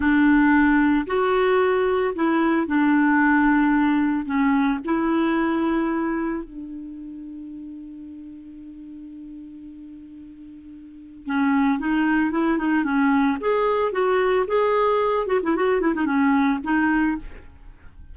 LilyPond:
\new Staff \with { instrumentName = "clarinet" } { \time 4/4 \tempo 4 = 112 d'2 fis'2 | e'4 d'2. | cis'4 e'2. | d'1~ |
d'1~ | d'4 cis'4 dis'4 e'8 dis'8 | cis'4 gis'4 fis'4 gis'4~ | gis'8 fis'16 e'16 fis'8 e'16 dis'16 cis'4 dis'4 | }